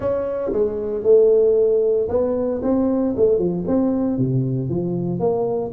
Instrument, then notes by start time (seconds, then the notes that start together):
tuba
0.00 C#4
0.52 G#3
1.03 A3
2.09 B3
2.62 C4
3.16 A3
3.38 F3
3.67 C4
4.17 C3
4.69 F3
5.19 A#3